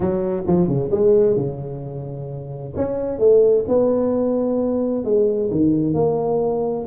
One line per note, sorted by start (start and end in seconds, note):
0.00 0.43 F#3
0.46 0.67 F3
0.67 0.90 C#3
0.91 1.36 G#3
1.36 2.73 C#3
2.76 3.18 C#4
3.18 3.64 A3
3.67 5.04 B3
5.04 5.50 G#3
5.50 5.94 D#3
5.94 6.85 A#3